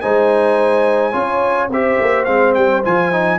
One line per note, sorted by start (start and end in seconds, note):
0.00 1.14 G#3
0.00 1.12 D#4
0.00 1.11 C5
0.00 1.70 G#5
1.11 1.69 C#4
1.11 1.69 F4
1.11 1.67 C#5
1.69 1.97 C4
1.69 2.27 G4
1.69 3.39 C5
1.69 2.24 E5
1.99 2.27 A#3
2.24 2.55 G#3
2.24 2.83 C4
2.24 2.53 F5
2.54 2.84 G3
2.54 2.82 G5
2.84 3.39 F3
2.84 3.12 F4
2.84 3.39 G#5
3.12 3.39 D#4